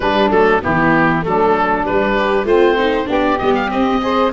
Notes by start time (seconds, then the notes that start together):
0.00 G3 D4 B4
0.30 F#3 A3 A4
0.61 E3 B3 E4 G4
1.22 F#3 A3 D4 A4
1.85 G3 B4
2.17 G4
2.44 A3 C4 F4 C5
2.78 D#4
3.05 B3 D4 G4
3.12 D5
3.38 G3 B3 D#5
3.54 F5
3.68 C4 D#5
4.01 G#4 C5